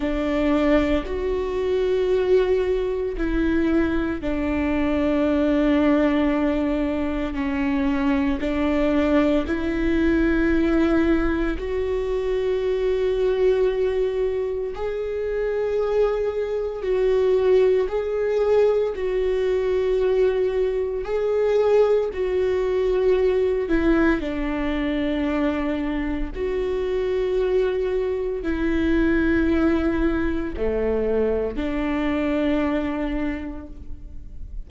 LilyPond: \new Staff \with { instrumentName = "viola" } { \time 4/4 \tempo 4 = 57 d'4 fis'2 e'4 | d'2. cis'4 | d'4 e'2 fis'4~ | fis'2 gis'2 |
fis'4 gis'4 fis'2 | gis'4 fis'4. e'8 d'4~ | d'4 fis'2 e'4~ | e'4 a4 d'2 | }